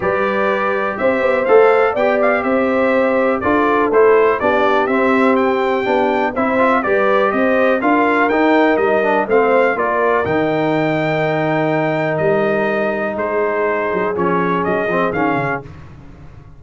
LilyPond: <<
  \new Staff \with { instrumentName = "trumpet" } { \time 4/4 \tempo 4 = 123 d''2 e''4 f''4 | g''8 f''8 e''2 d''4 | c''4 d''4 e''4 g''4~ | g''4 e''4 d''4 dis''4 |
f''4 g''4 dis''4 f''4 | d''4 g''2.~ | g''4 dis''2 c''4~ | c''4 cis''4 dis''4 f''4 | }
  \new Staff \with { instrumentName = "horn" } { \time 4/4 b'2 c''2 | d''4 c''2 a'4~ | a'4 g'2.~ | g'4 c''4 b'4 c''4 |
ais'2. c''4 | ais'1~ | ais'2. gis'4~ | gis'1 | }
  \new Staff \with { instrumentName = "trombone" } { \time 4/4 g'2. a'4 | g'2. f'4 | e'4 d'4 c'2 | d'4 e'8 f'8 g'2 |
f'4 dis'4. d'8 c'4 | f'4 dis'2.~ | dis'1~ | dis'4 cis'4. c'8 cis'4 | }
  \new Staff \with { instrumentName = "tuba" } { \time 4/4 g2 c'8 b8 a4 | b4 c'2 d'4 | a4 b4 c'2 | b4 c'4 g4 c'4 |
d'4 dis'4 g4 a4 | ais4 dis2.~ | dis4 g2 gis4~ | gis8 fis8 f4 fis8 f8 dis8 cis8 | }
>>